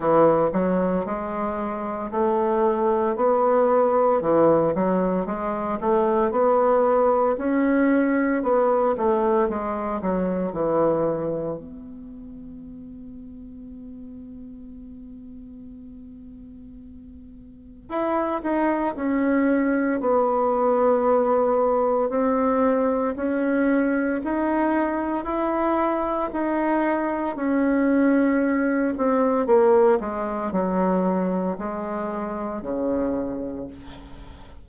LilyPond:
\new Staff \with { instrumentName = "bassoon" } { \time 4/4 \tempo 4 = 57 e8 fis8 gis4 a4 b4 | e8 fis8 gis8 a8 b4 cis'4 | b8 a8 gis8 fis8 e4 b4~ | b1~ |
b4 e'8 dis'8 cis'4 b4~ | b4 c'4 cis'4 dis'4 | e'4 dis'4 cis'4. c'8 | ais8 gis8 fis4 gis4 cis4 | }